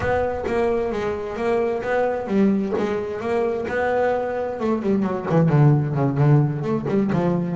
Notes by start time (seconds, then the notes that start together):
0.00 B3
0.46 A#3
0.92 G#3
1.36 A#3
1.82 B3
2.27 G3
2.77 G#3
3.20 A#3
3.68 B3
4.60 A3
4.82 G3
5.03 F#3
5.30 E3
5.49 D3
5.94 C#3
6.17 D3
6.62 A3
6.88 G3
7.13 F3